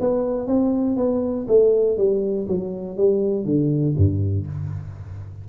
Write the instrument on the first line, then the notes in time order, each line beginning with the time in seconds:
tuba
0.00 B3
0.47 C4
0.96 B3
1.47 A3
1.97 G3
2.48 F#3
2.97 G3
3.45 D3
3.97 G2